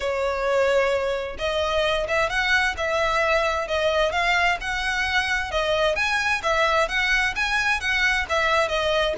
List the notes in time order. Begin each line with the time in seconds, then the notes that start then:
0.00 C#5
1.38 D#5
2.08 E5
2.29 F#5
2.77 E5
3.67 D#5
4.12 F5
4.61 F#5
5.51 D#5
5.95 G#5
6.42 E5
6.88 F#5
7.35 G#5
7.80 F#5
8.29 E5
8.68 D#5